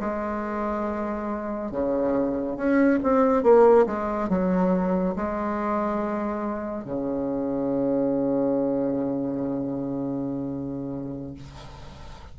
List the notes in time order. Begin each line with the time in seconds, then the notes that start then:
0.00 G#3
1.72 C#3
2.57 C#4
3.03 C4
3.43 A#3
3.86 G#3
4.29 F#3
5.16 G#3
6.85 C#3